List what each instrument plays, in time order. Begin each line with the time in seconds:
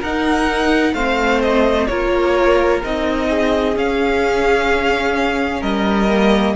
0.00 cello D#4, viola D#4, violin A#4 F#5
0.94 cello A3, viola C4, violin C5 F5
1.43 violin D#5
1.87 cello A#3, viola F4, violin A#4 C#5
2.84 cello C4, viola D#4, violin D#5
3.29 violin G#4
3.75 viola C#4, cello C#4, violin F5
5.61 cello G3, violin A#4 D#5
6.10 viola A#3